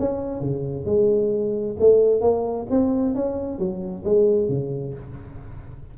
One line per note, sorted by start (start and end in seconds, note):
0.00 0.41 C#4
0.41 0.86 C#3
0.86 1.77 G#3
1.80 2.21 A3
2.21 2.67 A#3
2.71 3.15 C4
3.15 3.59 C#4
3.59 4.05 F#3
4.05 4.49 G#3
4.49 4.94 C#3